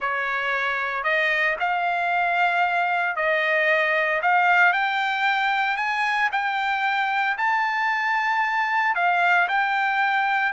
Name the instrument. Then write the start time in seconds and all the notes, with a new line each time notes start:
trumpet
0.00 C#5
1.03 D#5
1.59 F5
3.16 D#5
4.22 F5
4.72 G5
5.77 G#5
6.32 G5
7.37 A5
8.95 F5
9.48 G5